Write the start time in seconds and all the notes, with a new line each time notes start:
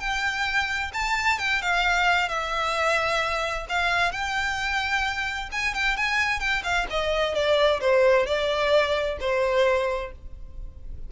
0.00 G5
0.93 A5
1.39 G5
1.62 F5
2.29 E5
3.69 F5
4.12 G5
5.52 G#5
5.74 G5
5.97 G#5
6.40 G5
6.63 F5
6.90 D#5
7.34 D5
7.81 C5
8.26 D5
9.20 C5